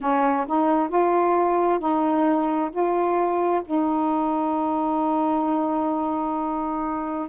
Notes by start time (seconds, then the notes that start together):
0.00 C#4
0.46 D#4
0.88 F4
1.79 D#4
2.71 F4
3.64 D#4